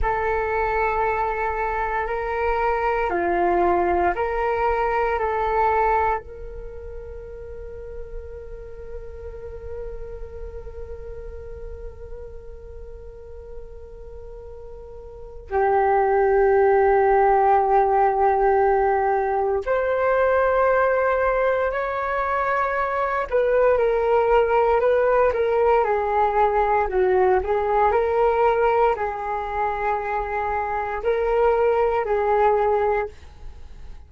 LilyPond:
\new Staff \with { instrumentName = "flute" } { \time 4/4 \tempo 4 = 58 a'2 ais'4 f'4 | ais'4 a'4 ais'2~ | ais'1~ | ais'2. g'4~ |
g'2. c''4~ | c''4 cis''4. b'8 ais'4 | b'8 ais'8 gis'4 fis'8 gis'8 ais'4 | gis'2 ais'4 gis'4 | }